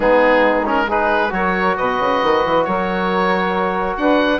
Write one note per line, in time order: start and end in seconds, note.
0.00 1.32 G#3
0.00 0.63 B3
0.00 0.87 D#4
0.00 0.65 G#4
0.65 0.87 C#4
0.65 0.90 A#4
0.87 1.30 D#4
0.87 1.31 G#4
0.87 1.33 B4
1.30 1.76 F#3
1.30 4.39 F#4
1.30 1.77 A#4
1.30 1.76 C#5
1.76 1.99 B2
1.76 2.65 B4
1.76 2.64 D#5
1.99 2.22 C#3
2.22 2.44 D#3
2.44 2.66 E3
2.64 3.97 F#3
2.64 3.99 A#4
2.64 3.96 C#5
3.97 4.40 D4
3.97 4.40 B4
3.97 4.40 F#5